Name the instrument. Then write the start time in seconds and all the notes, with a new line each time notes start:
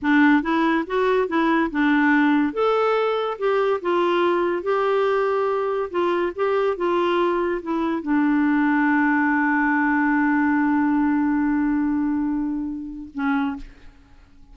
clarinet
0.02 D4
0.42 E4
0.86 F#4
1.28 E4
1.71 D4
2.53 A4
3.38 G4
3.81 F4
4.62 G4
5.90 F4
6.35 G4
6.76 F4
7.62 E4
8.02 D4
13.14 C#4